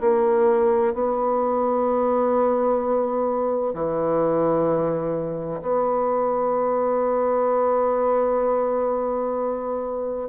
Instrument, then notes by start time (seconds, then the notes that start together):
bassoon
0.00 A#3
0.93 B3
3.74 E3
5.62 B3